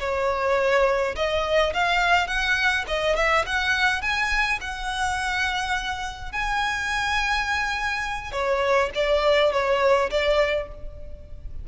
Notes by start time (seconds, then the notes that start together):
0.00 C#5
1.16 D#5
1.74 F5
2.27 F#5
2.88 D#5
3.17 E5
3.46 F#5
4.02 G#5
4.61 F#5
6.32 G#5
8.32 C#5
8.95 D5
9.53 C#5
10.11 D5